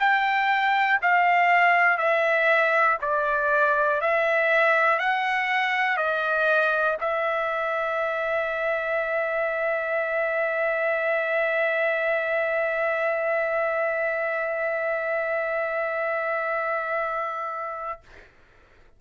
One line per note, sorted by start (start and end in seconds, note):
0.00 1.00 G5
1.02 1.98 F5
1.98 2.98 E5
3.02 4.01 D5
4.01 5.00 E5
5.00 5.97 F#5
5.97 6.97 D#5
7.00 18.00 E5